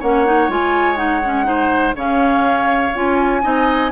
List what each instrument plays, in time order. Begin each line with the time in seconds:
0.00 bassoon A#3, clarinet C#4, oboe C#5, flute F#5
0.26 clarinet D#4
0.48 bassoon G#3, clarinet F4, flute G#5
0.96 clarinet D#4, flute F#5
1.25 clarinet C#4
1.44 clarinet D#4, oboe C5
1.95 bassoon C#3, clarinet C#4, oboe C#5, flute F5
2.95 bassoon C#4, clarinet F4, flute G#5
3.42 bassoon C4, clarinet D#4, oboe D#5